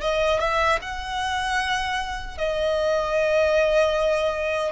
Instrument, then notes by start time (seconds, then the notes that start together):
violin
0.00 D#5
0.39 E5
0.81 F#5
2.38 D#5